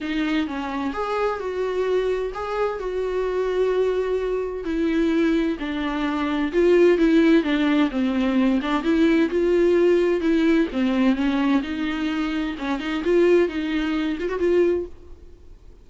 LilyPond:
\new Staff \with { instrumentName = "viola" } { \time 4/4 \tempo 4 = 129 dis'4 cis'4 gis'4 fis'4~ | fis'4 gis'4 fis'2~ | fis'2 e'2 | d'2 f'4 e'4 |
d'4 c'4. d'8 e'4 | f'2 e'4 c'4 | cis'4 dis'2 cis'8 dis'8 | f'4 dis'4. f'16 fis'16 f'4 | }